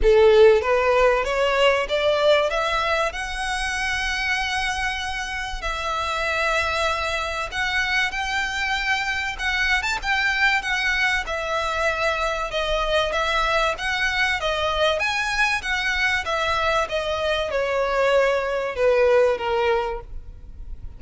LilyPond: \new Staff \with { instrumentName = "violin" } { \time 4/4 \tempo 4 = 96 a'4 b'4 cis''4 d''4 | e''4 fis''2.~ | fis''4 e''2. | fis''4 g''2 fis''8. a''16 |
g''4 fis''4 e''2 | dis''4 e''4 fis''4 dis''4 | gis''4 fis''4 e''4 dis''4 | cis''2 b'4 ais'4 | }